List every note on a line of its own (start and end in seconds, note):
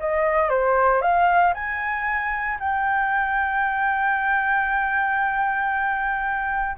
0.00 0.50 D#5
0.50 1.02 C5
1.02 1.54 F5
1.54 2.58 G#5
2.60 6.77 G5